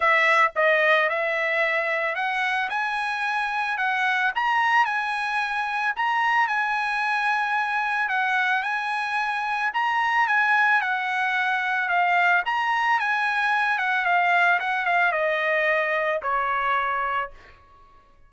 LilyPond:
\new Staff \with { instrumentName = "trumpet" } { \time 4/4 \tempo 4 = 111 e''4 dis''4 e''2 | fis''4 gis''2 fis''4 | ais''4 gis''2 ais''4 | gis''2. fis''4 |
gis''2 ais''4 gis''4 | fis''2 f''4 ais''4 | gis''4. fis''8 f''4 fis''8 f''8 | dis''2 cis''2 | }